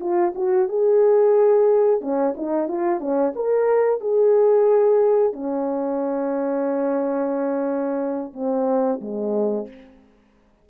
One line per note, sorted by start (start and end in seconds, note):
0.00 0.33 F4
0.35 0.68 F#4
0.68 2.01 G#4
2.01 2.34 C#4
2.37 2.68 D#4
2.68 3.00 F4
3.00 3.33 C#4
3.35 4.00 A#4
4.00 5.33 G#4
5.33 8.33 C#4
8.33 9.00 C4
9.01 9.68 G#3